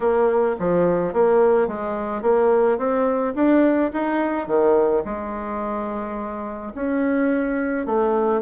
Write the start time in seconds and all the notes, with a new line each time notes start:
0.00 A#3
0.59 F3
1.13 A#3
1.67 G#3
2.21 A#3
2.78 C4
3.35 D4
3.93 D#4
4.47 D#3
5.04 G#3
6.74 C#4
7.86 A3